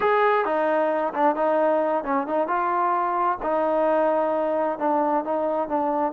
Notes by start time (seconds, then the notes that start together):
0.00 G#4
0.45 D#4
1.14 D4
1.35 D#4
2.04 C#4
2.26 D#4
2.47 F4
3.42 D#4
4.79 D4
5.24 D#4
5.68 D4